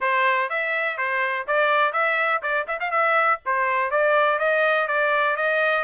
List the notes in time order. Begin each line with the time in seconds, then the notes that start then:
0.00 C5
0.49 E5
0.97 C5
1.47 D5
1.92 E5
2.42 D5
2.67 E5
2.79 F5
2.90 E5
3.45 C5
3.90 D5
4.39 D#5
4.87 D5
5.36 D#5